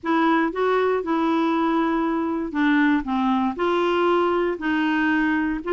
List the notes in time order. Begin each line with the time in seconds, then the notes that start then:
0.03 E4
0.52 F#4
1.03 E4
2.52 D4
3.04 C4
3.55 F4
4.58 D#4
5.64 F4